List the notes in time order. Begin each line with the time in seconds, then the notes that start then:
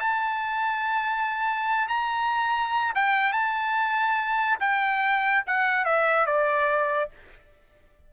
0.00 A5
1.88 A#5
2.95 G5
3.33 A5
4.60 G5
5.47 F#5
5.85 E5
6.27 D5